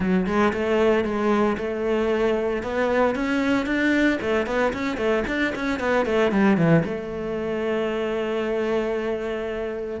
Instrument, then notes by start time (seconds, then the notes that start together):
cello
0.00 F#3
0.26 G#3
0.53 A3
1.04 G#3
1.57 A3
2.62 B3
3.15 C#4
3.66 D4
4.21 A3
4.46 B3
4.73 C#4
4.97 A3
5.27 D4
5.55 C#4
5.79 B3
6.05 A3
6.31 G3
6.57 E3
6.84 A3